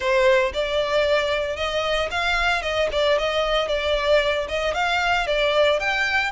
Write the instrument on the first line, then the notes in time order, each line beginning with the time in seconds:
violin
0.00 C5
0.53 D5
1.56 D#5
2.11 F5
2.62 D#5
2.92 D5
3.18 D#5
3.68 D5
4.48 D#5
4.74 F5
5.26 D5
5.79 G5